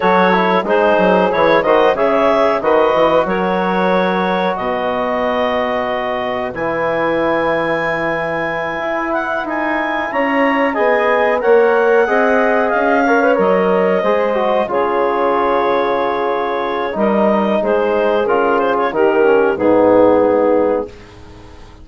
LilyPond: <<
  \new Staff \with { instrumentName = "clarinet" } { \time 4/4 \tempo 4 = 92 cis''4 c''4 cis''8 dis''8 e''4 | dis''4 cis''2 dis''4~ | dis''2 gis''2~ | gis''2 fis''8 gis''4 ais''8~ |
ais''8 gis''4 fis''2 f''8~ | f''8 dis''2 cis''4.~ | cis''2 dis''4 c''4 | ais'8 c''16 cis''16 ais'4 gis'2 | }
  \new Staff \with { instrumentName = "saxophone" } { \time 4/4 a'4 gis'4. c''8 cis''4 | b'4 ais'2 b'4~ | b'1~ | b'2.~ b'8 cis''8~ |
cis''8 dis''4 cis''4 dis''4. | cis''4. c''4 gis'4.~ | gis'2 ais'4 gis'4~ | gis'4 g'4 dis'2 | }
  \new Staff \with { instrumentName = "trombone" } { \time 4/4 fis'8 e'8 dis'4 e'8 fis'8 gis'4 | fis'1~ | fis'2 e'2~ | e'1~ |
e'8 gis'4 ais'4 gis'4. | ais'16 b'16 ais'4 gis'8 fis'8 f'4.~ | f'2 dis'2 | f'4 dis'8 cis'8 b2 | }
  \new Staff \with { instrumentName = "bassoon" } { \time 4/4 fis4 gis8 fis8 e8 dis8 cis4 | dis8 e8 fis2 b,4~ | b,2 e2~ | e4. e'4 dis'4 cis'8~ |
cis'8 b4 ais4 c'4 cis'8~ | cis'8 fis4 gis4 cis4.~ | cis2 g4 gis4 | cis4 dis4 gis,2 | }
>>